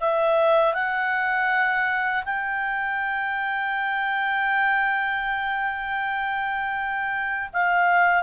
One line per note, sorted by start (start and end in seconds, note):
0.00 0.74 E5
0.74 2.24 F#5
2.25 7.50 G5
7.53 8.23 F5